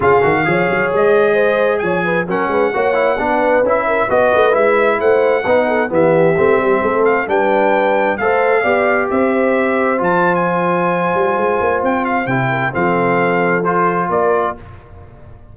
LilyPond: <<
  \new Staff \with { instrumentName = "trumpet" } { \time 4/4 \tempo 4 = 132 f''2 dis''2 | gis''4 fis''2. | e''4 dis''4 e''4 fis''4~ | fis''4 e''2~ e''8 f''8 |
g''2 f''2 | e''2 a''8. gis''4~ gis''16~ | gis''2 g''8 f''8 g''4 | f''2 c''4 d''4 | }
  \new Staff \with { instrumentName = "horn" } { \time 4/4 gis'4 cis''2 c''4 | cis''8 b'8 ais'8 b'8 cis''4 b'4~ | b'8 ais'8 b'2 c''4 | b'8 a'8 g'2 a'4 |
b'2 c''4 d''4 | c''1~ | c''2.~ c''8 ais'8 | a'2. ais'4 | }
  \new Staff \with { instrumentName = "trombone" } { \time 4/4 f'8 fis'8 gis'2.~ | gis'4 cis'4 fis'8 e'8 d'4 | e'4 fis'4 e'2 | dis'4 b4 c'2 |
d'2 a'4 g'4~ | g'2 f'2~ | f'2. e'4 | c'2 f'2 | }
  \new Staff \with { instrumentName = "tuba" } { \time 4/4 cis8 dis8 f8 fis8 gis2 | f4 fis8 gis8 ais4 b4 | cis'4 b8 a8 gis4 a4 | b4 e4 a8 g8 a4 |
g2 a4 b4 | c'2 f2~ | f8 g8 gis8 ais8 c'4 c4 | f2. ais4 | }
>>